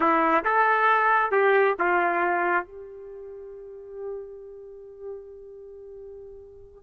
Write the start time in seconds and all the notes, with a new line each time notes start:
0.00 E4
0.44 A4
1.31 G4
1.78 F4
2.66 G4